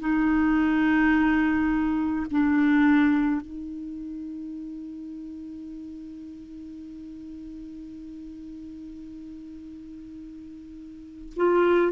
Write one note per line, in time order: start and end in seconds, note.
0.00 2.26 D#4
2.31 3.41 D4
3.41 11.34 D#4
11.37 11.92 F4